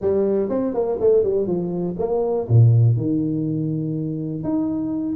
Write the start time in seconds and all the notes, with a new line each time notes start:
0.01 G3
0.49 C4
0.74 A#3
1.00 A3
1.23 G3
1.46 F3
1.99 A#3
2.48 A#2
2.96 D#3
4.43 D#4